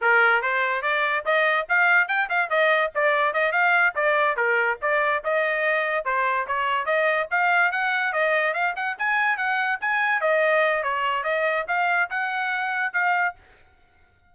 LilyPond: \new Staff \with { instrumentName = "trumpet" } { \time 4/4 \tempo 4 = 144 ais'4 c''4 d''4 dis''4 | f''4 g''8 f''8 dis''4 d''4 | dis''8 f''4 d''4 ais'4 d''8~ | d''8 dis''2 c''4 cis''8~ |
cis''8 dis''4 f''4 fis''4 dis''8~ | dis''8 f''8 fis''8 gis''4 fis''4 gis''8~ | gis''8 dis''4. cis''4 dis''4 | f''4 fis''2 f''4 | }